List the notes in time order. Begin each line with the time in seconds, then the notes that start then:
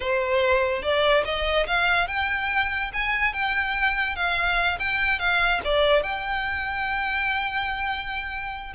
0.00 C5
0.82 D5
1.24 D#5
1.66 F5
2.07 G5
2.93 G#5
3.33 G5
4.15 F5
4.79 G5
5.19 F5
5.64 D5
6.02 G5